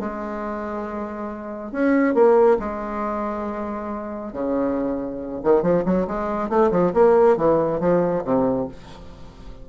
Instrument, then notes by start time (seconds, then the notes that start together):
bassoon
0.00 G#3
1.72 C#4
2.15 A#3
2.59 G#3
4.33 C#3
5.44 D#3
5.63 F3
5.85 F#3
6.07 G#3
6.50 A3
6.71 F3
6.94 A#3
7.37 E3
7.80 F3
8.25 C3